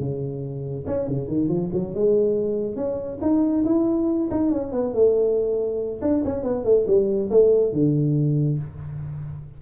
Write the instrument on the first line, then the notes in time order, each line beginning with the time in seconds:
tuba
0.00 C#3
0.87 C#4
1.08 C#3
1.28 D#3
1.49 F3
1.74 F#3
1.95 G#3
2.77 C#4
3.22 D#4
3.65 E4
4.31 D#4
4.52 C#4
4.73 B3
4.94 A3
6.02 D4
6.25 C#4
6.44 B3
6.65 A3
6.87 G3
7.31 A3
7.73 D3